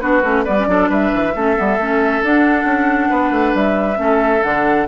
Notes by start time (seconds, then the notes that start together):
0.00 B3 D4 F#4 B4
0.23 A3 C#4
0.44 G3 B3 B4 D5
0.58 C#4
0.67 F#3 D4 A4
0.89 G3 B4 E5
1.13 E3
1.35 A3 C#4 A4
1.55 G3 B3
1.78 A3 C#4
2.22 D4 F#5
2.64 C#4
3.10 B3 B4
3.31 A3
3.54 G3 E5
3.96 A3 C#4 A4
4.43 D3 D4 F#5